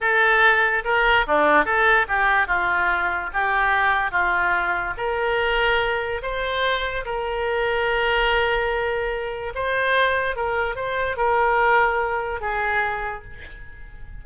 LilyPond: \new Staff \with { instrumentName = "oboe" } { \time 4/4 \tempo 4 = 145 a'2 ais'4 d'4 | a'4 g'4 f'2 | g'2 f'2 | ais'2. c''4~ |
c''4 ais'2.~ | ais'2. c''4~ | c''4 ais'4 c''4 ais'4~ | ais'2 gis'2 | }